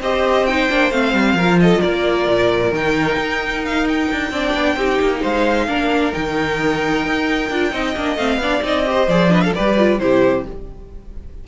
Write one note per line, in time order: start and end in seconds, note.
0.00 0.68 C4
0.00 0.49 G4
0.00 1.36 C5
0.00 0.46 D#5
0.46 0.69 D#4
0.46 0.91 G5
0.69 0.91 A#3
0.69 0.91 D4
0.91 1.13 A3
0.91 1.37 C4
0.91 1.60 F5
1.14 1.33 G3
1.33 1.79 F3
1.33 1.59 A#4
1.40 2.73 F4
1.60 1.81 A4
1.60 1.81 D#5
1.81 2.27 A#3
1.81 4.31 A#4
1.81 2.72 D5
2.27 2.72 A#2
2.72 3.17 D#3
2.72 4.32 D#4
2.72 3.65 G5
3.18 4.09 D#4
3.65 3.88 F5
3.88 5.23 G5
4.11 4.31 D4
4.31 4.54 C4
4.31 4.78 D4
4.31 4.76 D5
4.54 4.76 B3
4.76 4.98 C4
4.76 5.68 D#4
4.76 5.21 G4
5.01 5.24 A#3
5.21 5.67 G#3
5.21 5.66 C5
5.21 6.13 F5
5.67 6.13 A#3
5.67 6.13 D4
5.67 7.73 A#4
6.13 7.05 D#3
6.13 7.49 D#4
6.13 8.17 G5
7.05 7.50 D#4
7.50 7.72 D4
7.50 7.71 F4
7.71 7.95 C4
7.71 7.94 D#4
7.71 8.41 D#5
7.96 8.16 A#3
7.96 8.18 D4
8.16 8.37 A3
8.16 8.40 C4
8.16 8.62 F5
8.37 8.60 B3
8.37 8.62 D4
8.37 8.88 D5
8.62 9.08 C4
8.62 8.84 D#4
8.62 9.10 D#5
8.86 9.08 G4
8.86 9.32 C5
9.08 9.53 F3
9.08 9.29 G#4
9.08 9.32 D5
9.29 9.52 D4
9.29 9.44 B4
9.29 9.41 D#5
9.41 9.55 A4
9.41 9.53 F5
9.55 10.00 G3
9.55 9.78 G4
9.55 10.01 B4
9.55 9.99 D5
9.78 10.00 F4
9.99 10.46 C3
9.99 10.45 E4
9.99 10.47 G4
9.99 10.44 C5